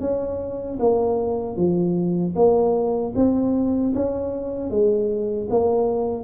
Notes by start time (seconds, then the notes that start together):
0.00 C#4
0.79 A#3
1.56 F3
2.36 A#3
3.15 C4
3.95 C#4
4.70 G#3
5.50 A#3